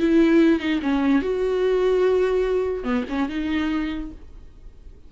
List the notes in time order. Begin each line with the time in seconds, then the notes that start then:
0.00 E4
0.60 D#4
0.83 C#4
1.22 F#4
2.84 B3
3.09 C#4
3.30 D#4